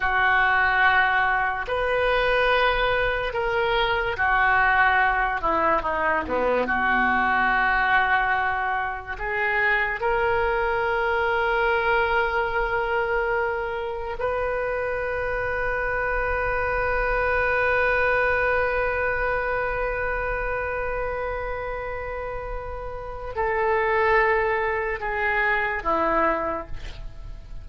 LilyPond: \new Staff \with { instrumentName = "oboe" } { \time 4/4 \tempo 4 = 72 fis'2 b'2 | ais'4 fis'4. e'8 dis'8 b8 | fis'2. gis'4 | ais'1~ |
ais'4 b'2.~ | b'1~ | b'1 | a'2 gis'4 e'4 | }